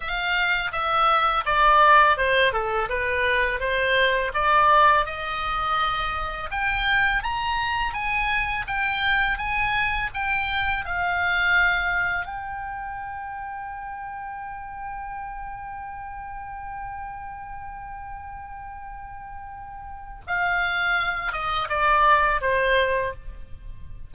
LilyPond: \new Staff \with { instrumentName = "oboe" } { \time 4/4 \tempo 4 = 83 f''4 e''4 d''4 c''8 a'8 | b'4 c''4 d''4 dis''4~ | dis''4 g''4 ais''4 gis''4 | g''4 gis''4 g''4 f''4~ |
f''4 g''2.~ | g''1~ | g''1 | f''4. dis''8 d''4 c''4 | }